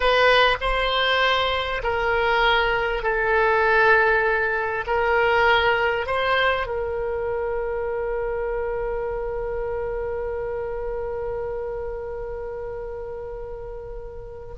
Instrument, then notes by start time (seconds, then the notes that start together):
oboe
0.00 B4
0.60 C5
1.83 A#4
3.02 A4
4.86 A#4
6.06 C5
6.66 A#4